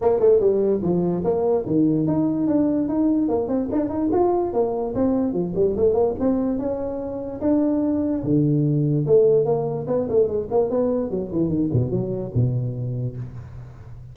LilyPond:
\new Staff \with { instrumentName = "tuba" } { \time 4/4 \tempo 4 = 146 ais8 a8 g4 f4 ais4 | dis4 dis'4 d'4 dis'4 | ais8 c'8 d'8 dis'8 f'4 ais4 | c'4 f8 g8 a8 ais8 c'4 |
cis'2 d'2 | d2 a4 ais4 | b8 a8 gis8 ais8 b4 fis8 e8 | dis8 b,8 fis4 b,2 | }